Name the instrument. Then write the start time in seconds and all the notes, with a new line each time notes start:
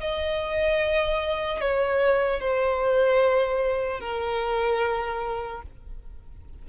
violin
0.00 D#5
1.60 C#5
2.40 C5
4.00 A#4